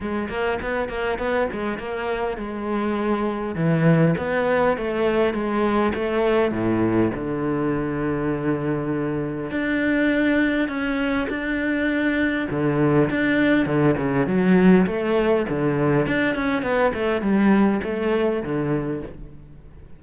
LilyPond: \new Staff \with { instrumentName = "cello" } { \time 4/4 \tempo 4 = 101 gis8 ais8 b8 ais8 b8 gis8 ais4 | gis2 e4 b4 | a4 gis4 a4 a,4 | d1 |
d'2 cis'4 d'4~ | d'4 d4 d'4 d8 cis8 | fis4 a4 d4 d'8 cis'8 | b8 a8 g4 a4 d4 | }